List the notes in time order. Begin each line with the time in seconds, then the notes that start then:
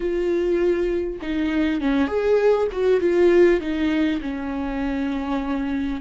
0.00 F4
1.21 D#4
1.80 C#4
2.07 G#4
2.72 F#4
3.00 F4
3.60 D#4
4.21 C#4